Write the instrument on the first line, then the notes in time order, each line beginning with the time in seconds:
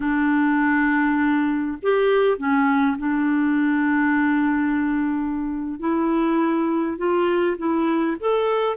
clarinet
0.00 D4
1.82 G4
2.37 C#4
2.98 D4
5.79 E4
6.97 F4
7.57 E4
8.20 A4